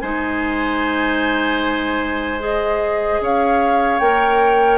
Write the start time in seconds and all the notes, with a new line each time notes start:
0.00 G#3 D#4 C5 G#5
2.39 G#4 D#5
3.20 C#4 C#5 F5
3.99 A#3 A#4 G5